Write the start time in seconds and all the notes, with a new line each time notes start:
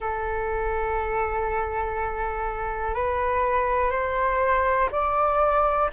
0.00 A4
2.94 B4
3.91 C5
4.91 D5